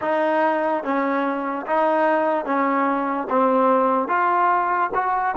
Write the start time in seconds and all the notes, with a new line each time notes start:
0.01 D#4
0.83 C#4
1.66 D#4
2.45 C#4
3.29 C4
4.08 F4
4.94 F#4